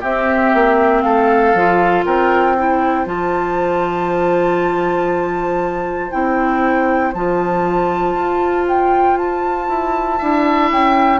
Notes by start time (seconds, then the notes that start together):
0.00 C4 G4 E5
0.53 A#3
1.01 A3 A4 F5
1.54 F3 F4
2.05 C4 A#4 G5
2.56 E4 C5
3.05 F3 F4 A5
6.11 C4 E4 G5
7.13 F3 F4 A5
8.14 F4
8.68 G5
9.17 A5
9.68 E4
10.18 D4 E4 E5
10.71 C#4 G5